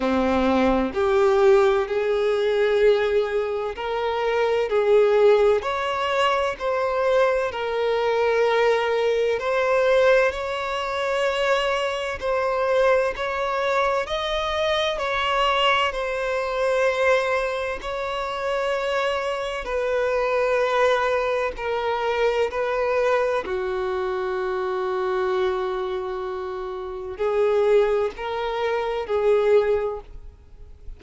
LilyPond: \new Staff \with { instrumentName = "violin" } { \time 4/4 \tempo 4 = 64 c'4 g'4 gis'2 | ais'4 gis'4 cis''4 c''4 | ais'2 c''4 cis''4~ | cis''4 c''4 cis''4 dis''4 |
cis''4 c''2 cis''4~ | cis''4 b'2 ais'4 | b'4 fis'2.~ | fis'4 gis'4 ais'4 gis'4 | }